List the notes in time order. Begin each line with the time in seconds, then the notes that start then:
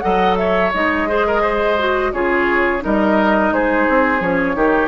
0.00 F#3 A4 D#5 F#5
0.37 C#5 E5
0.73 G#3 D#4 D#5
1.08 G#4 C5
1.27 A#4
1.41 C5
1.78 F#4
2.13 C#3 F4 G#4 C#5
2.80 G3 D#4 A#4 D#5
3.52 G#3 G#4 C5
3.89 C4
4.20 F3 C#4 C#5
4.55 D#3 D#4 G4